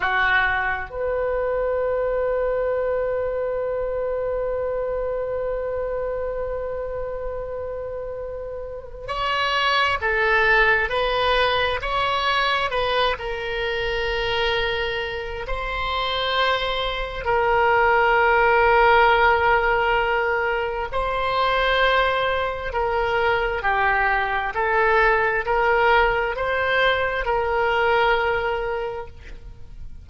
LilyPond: \new Staff \with { instrumentName = "oboe" } { \time 4/4 \tempo 4 = 66 fis'4 b'2.~ | b'1~ | b'2 cis''4 a'4 | b'4 cis''4 b'8 ais'4.~ |
ais'4 c''2 ais'4~ | ais'2. c''4~ | c''4 ais'4 g'4 a'4 | ais'4 c''4 ais'2 | }